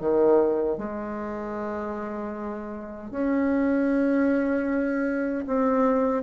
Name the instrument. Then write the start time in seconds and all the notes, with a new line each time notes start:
bassoon
0.00 D#3
0.77 G#3
3.11 C#4
5.47 C4